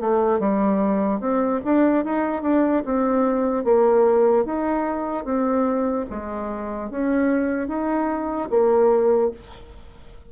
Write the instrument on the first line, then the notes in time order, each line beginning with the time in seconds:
bassoon
0.00 A3
0.39 G3
1.20 C4
1.64 D4
2.04 D#4
2.42 D4
2.85 C4
3.64 A#3
4.45 D#4
5.24 C4
6.10 G#3
6.90 C#4
7.67 D#4
8.50 A#3